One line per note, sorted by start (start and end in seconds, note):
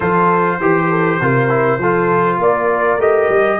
0.00 0.60 F3
0.00 0.60 F4
0.00 0.59 A4
0.00 2.39 C5
0.60 1.20 E3
0.60 0.90 G4
0.60 1.21 G4
0.90 1.20 A4
1.20 1.78 C3
1.20 1.49 F4
1.20 1.81 A#4
1.49 1.79 E4
1.78 2.38 F3
1.78 3.00 F4
1.78 2.38 A4
2.38 2.98 A#3
2.38 3.58 A#4
2.38 3.00 D5
2.98 3.28 A3
2.98 3.60 G4
2.98 3.60 D#5
3.28 3.58 G3